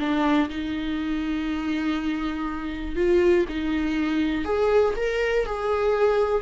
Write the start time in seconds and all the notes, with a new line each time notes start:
0.00 D4
0.50 D#4
2.96 F4
3.49 D#4
4.45 G#4
4.97 A#4
5.46 G#4